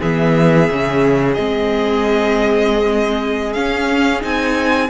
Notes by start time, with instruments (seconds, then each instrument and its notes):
0.00 cello E3, viola B3, violin G#4 E5
0.70 cello C#3, viola C#4
1.34 cello G#3, viola C4, violin D#5
3.53 viola C#4, cello C#4, violin F5
4.21 cello C4, viola D#4, violin G#5